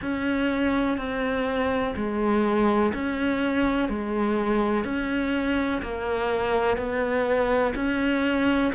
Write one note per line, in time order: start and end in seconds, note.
0.01 0.97 C#4
0.97 1.94 C4
1.96 2.93 G#3
2.93 3.88 C#4
3.88 4.84 G#3
4.84 5.81 C#4
5.82 6.77 A#3
6.77 7.73 B3
7.75 8.71 C#4